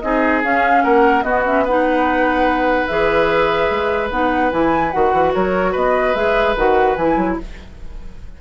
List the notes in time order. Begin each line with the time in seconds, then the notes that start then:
0.00 C4 D#4 G#4 D#5
0.44 C#4 F5
0.83 A#3 A#4 F#5
1.23 B3 F#4 D#5
1.46 C#4 E5
1.64 D#4 B4 F#5
2.87 E3 G#4 E5
3.70 G#3
4.11 B3 D#4 F#5
4.52 E3 E4 G#5
4.91 D#3 F#4 F#5
5.13 E3
5.34 F#3 A#4 C#5
5.72 B3 B4 D#5
6.15 G#3 G#4 E5
6.56 D#3 F#4 F#5
6.96 E3 E4 G#5
7.17 F#3